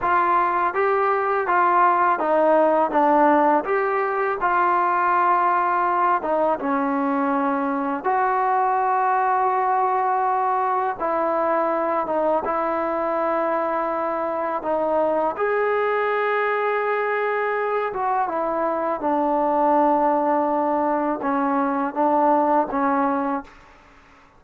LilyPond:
\new Staff \with { instrumentName = "trombone" } { \time 4/4 \tempo 4 = 82 f'4 g'4 f'4 dis'4 | d'4 g'4 f'2~ | f'8 dis'8 cis'2 fis'4~ | fis'2. e'4~ |
e'8 dis'8 e'2. | dis'4 gis'2.~ | gis'8 fis'8 e'4 d'2~ | d'4 cis'4 d'4 cis'4 | }